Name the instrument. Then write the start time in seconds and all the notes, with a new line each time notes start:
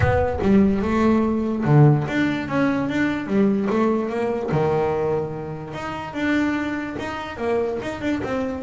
double bass
0.00 B3
0.41 G3
0.82 A3
1.64 D3
2.08 D4
2.48 C#4
2.89 D4
3.27 G3
3.69 A3
4.09 A#3
4.51 D#3
5.73 D#4
6.13 D4
6.99 D#4
7.37 A#3
7.82 D#4
8.01 D4
8.23 C4